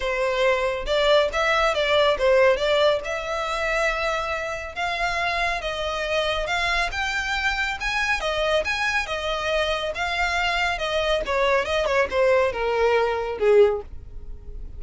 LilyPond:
\new Staff \with { instrumentName = "violin" } { \time 4/4 \tempo 4 = 139 c''2 d''4 e''4 | d''4 c''4 d''4 e''4~ | e''2. f''4~ | f''4 dis''2 f''4 |
g''2 gis''4 dis''4 | gis''4 dis''2 f''4~ | f''4 dis''4 cis''4 dis''8 cis''8 | c''4 ais'2 gis'4 | }